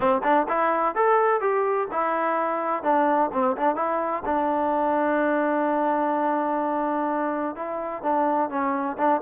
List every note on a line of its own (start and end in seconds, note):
0.00 0.21 C4
0.23 0.46 D4
0.48 0.95 E4
0.95 1.40 A4
1.40 1.88 G4
1.91 2.83 E4
2.83 3.30 D4
3.32 3.56 C4
3.56 3.75 D4
3.75 4.23 E4
4.25 7.55 D4
7.55 8.02 E4
8.02 8.49 D4
8.49 8.96 C#4
8.97 9.21 D4